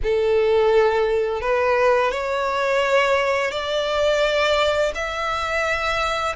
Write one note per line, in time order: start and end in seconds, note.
0.03 1.41 A4
1.41 2.11 B4
2.11 3.51 C#5
3.51 4.92 D5
4.94 6.35 E5